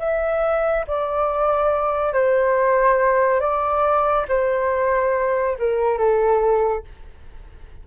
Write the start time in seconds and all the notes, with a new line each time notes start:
0.00 E5
0.88 D5
2.14 C5
3.41 D5
4.29 C5
5.59 A#4
5.98 A4